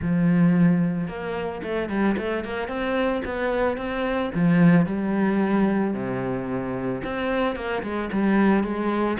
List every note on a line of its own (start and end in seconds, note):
0.01 1.07 F3
1.07 1.61 A#3
1.62 1.89 A3
1.89 2.16 G3
2.17 2.44 A3
2.44 2.68 A#3
2.68 3.22 C4
3.24 3.77 B3
3.77 4.31 C4
4.34 4.86 F3
4.86 5.94 G3
5.94 7.02 C3
7.04 7.55 C4
7.55 7.82 A#3
7.82 8.09 G#3
8.12 8.63 G3
8.63 9.17 G#3